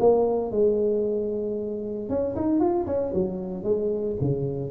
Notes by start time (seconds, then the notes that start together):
0.00 A#3
0.51 G#3
2.09 C#4
2.36 D#4
2.60 F4
2.86 C#4
3.14 F#3
3.64 G#3
4.21 C#3